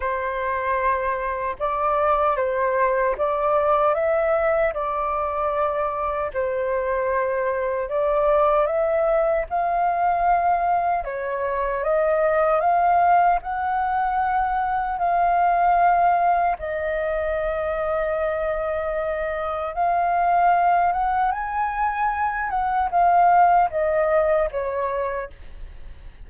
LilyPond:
\new Staff \with { instrumentName = "flute" } { \time 4/4 \tempo 4 = 76 c''2 d''4 c''4 | d''4 e''4 d''2 | c''2 d''4 e''4 | f''2 cis''4 dis''4 |
f''4 fis''2 f''4~ | f''4 dis''2.~ | dis''4 f''4. fis''8 gis''4~ | gis''8 fis''8 f''4 dis''4 cis''4 | }